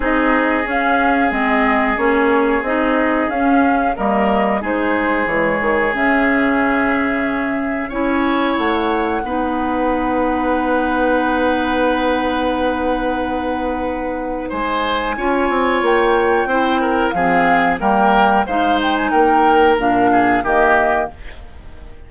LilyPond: <<
  \new Staff \with { instrumentName = "flute" } { \time 4/4 \tempo 4 = 91 dis''4 f''4 dis''4 cis''4 | dis''4 f''4 dis''4 c''4 | cis''4 e''2. | gis''4 fis''2.~ |
fis''1~ | fis''2 gis''2 | g''2 f''4 g''4 | f''8 g''16 gis''16 g''4 f''4 dis''4 | }
  \new Staff \with { instrumentName = "oboe" } { \time 4/4 gis'1~ | gis'2 ais'4 gis'4~ | gis'1 | cis''2 b'2~ |
b'1~ | b'2 c''4 cis''4~ | cis''4 c''8 ais'8 gis'4 ais'4 | c''4 ais'4. gis'8 g'4 | }
  \new Staff \with { instrumentName = "clarinet" } { \time 4/4 dis'4 cis'4 c'4 cis'4 | dis'4 cis'4 ais4 dis'4 | gis4 cis'2. | e'2 dis'2~ |
dis'1~ | dis'2. f'4~ | f'4 e'4 c'4 ais4 | dis'2 d'4 ais4 | }
  \new Staff \with { instrumentName = "bassoon" } { \time 4/4 c'4 cis'4 gis4 ais4 | c'4 cis'4 g4 gis4 | e8 dis8 cis2. | cis'4 a4 b2~ |
b1~ | b2 gis4 cis'8 c'8 | ais4 c'4 f4 g4 | gis4 ais4 ais,4 dis4 | }
>>